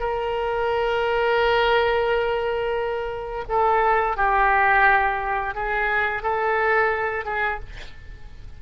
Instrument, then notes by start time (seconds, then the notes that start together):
oboe
0.00 A#4
3.49 A4
4.17 G4
5.55 G#4
6.23 A4
7.25 G#4